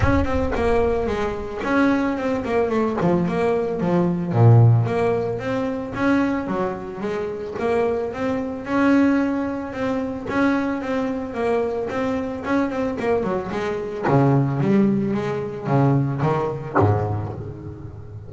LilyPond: \new Staff \with { instrumentName = "double bass" } { \time 4/4 \tempo 4 = 111 cis'8 c'8 ais4 gis4 cis'4 | c'8 ais8 a8 f8 ais4 f4 | ais,4 ais4 c'4 cis'4 | fis4 gis4 ais4 c'4 |
cis'2 c'4 cis'4 | c'4 ais4 c'4 cis'8 c'8 | ais8 fis8 gis4 cis4 g4 | gis4 cis4 dis4 gis,4 | }